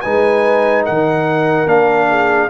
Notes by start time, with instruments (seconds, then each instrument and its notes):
0.00 tuba G#3, trombone D#4, horn B4, trumpet G#5
0.84 tuba D#3, horn A#4, trumpet F#5
1.65 tuba A#3, trombone D4, trumpet F5
2.09 horn G#4